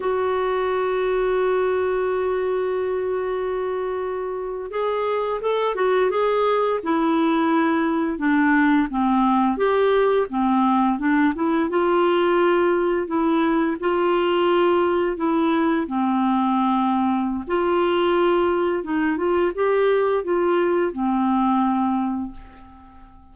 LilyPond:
\new Staff \with { instrumentName = "clarinet" } { \time 4/4 \tempo 4 = 86 fis'1~ | fis'2~ fis'8. gis'4 a'16~ | a'16 fis'8 gis'4 e'2 d'16~ | d'8. c'4 g'4 c'4 d'16~ |
d'16 e'8 f'2 e'4 f'16~ | f'4.~ f'16 e'4 c'4~ c'16~ | c'4 f'2 dis'8 f'8 | g'4 f'4 c'2 | }